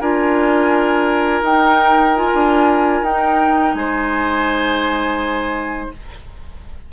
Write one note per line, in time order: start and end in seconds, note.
0.00 1.42 D4
0.00 1.44 F4
0.00 3.75 A#4
0.00 1.43 G#5
1.42 2.31 D#4
1.42 2.16 D#4
1.42 2.16 G5
2.16 3.05 F4
2.16 3.04 G#5
2.34 3.02 D4
3.02 3.73 D#4
3.02 5.92 D#4
3.02 3.74 G5
3.74 5.89 G#3
3.74 5.92 C5
3.74 5.89 G#5